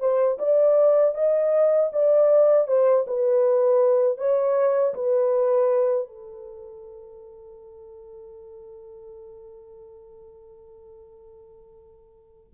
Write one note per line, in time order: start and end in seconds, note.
0.00 0.38 C5
0.39 1.15 D5
1.15 1.91 D#5
1.93 2.68 D5
2.68 3.06 C5
3.07 4.18 B4
4.18 4.94 C#5
4.94 6.08 B4
6.08 12.53 A4